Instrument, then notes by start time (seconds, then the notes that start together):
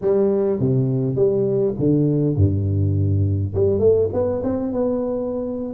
tuba
0.01 G3
0.59 C3
1.15 G3
1.78 D3
2.36 G2
3.54 G3
3.79 A3
4.13 B3
4.43 C4
4.72 B3